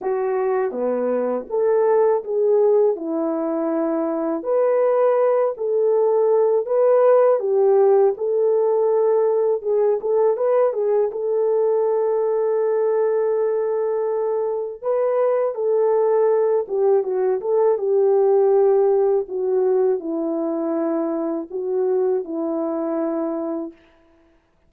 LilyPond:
\new Staff \with { instrumentName = "horn" } { \time 4/4 \tempo 4 = 81 fis'4 b4 a'4 gis'4 | e'2 b'4. a'8~ | a'4 b'4 g'4 a'4~ | a'4 gis'8 a'8 b'8 gis'8 a'4~ |
a'1 | b'4 a'4. g'8 fis'8 a'8 | g'2 fis'4 e'4~ | e'4 fis'4 e'2 | }